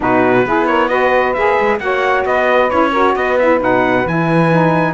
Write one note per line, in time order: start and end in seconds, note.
0.00 0.45 B2
0.00 0.43 D#4
0.00 0.45 F#4
0.00 0.66 B4
0.45 1.35 B3
0.45 0.90 E4
0.45 0.67 G#4
0.66 0.88 A#4
0.66 0.88 C#5
0.88 1.35 F#4
0.88 1.78 B4
0.88 1.33 D#5
1.33 1.58 A#3
1.33 1.79 G#4
1.33 1.78 E5
1.59 1.79 G#3
1.79 2.25 A#3
1.79 2.70 F#4
1.79 2.26 C#5
1.79 2.24 F#5
2.25 2.70 B3
2.25 2.91 B4
2.25 2.70 D#5
2.70 3.15 C#4
2.70 2.93 E4
2.70 3.15 C#5
2.91 3.39 F#4
2.91 3.13 A#4
3.15 3.60 B3
3.15 4.93 B4
3.15 3.38 D#5
3.38 3.60 E4
3.38 3.61 E5
3.60 4.05 B2
3.60 4.05 D#4
3.60 4.07 F#5
4.05 4.93 E3
4.05 4.51 E4
4.05 4.93 G#5
4.51 4.93 D#4